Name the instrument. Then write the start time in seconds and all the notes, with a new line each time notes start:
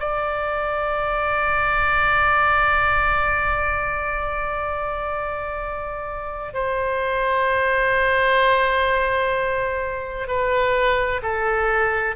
oboe
0.00 D5
6.54 C5
10.28 B4
11.23 A4